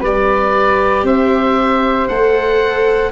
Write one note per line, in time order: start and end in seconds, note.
0.00 1.03 G3
0.00 1.03 B4
0.00 1.06 D5
0.06 2.09 G4
1.03 2.06 C4
1.03 3.11 C5
1.03 2.08 E5
2.08 3.12 A3
2.08 3.12 A4
2.08 3.11 F#5